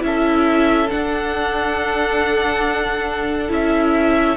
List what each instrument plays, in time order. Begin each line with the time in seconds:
0.00 cello C#4, viola E4, violin A4 E5
0.90 viola D4, cello D4, violin F#5
3.49 cello C#4, viola E4, violin E5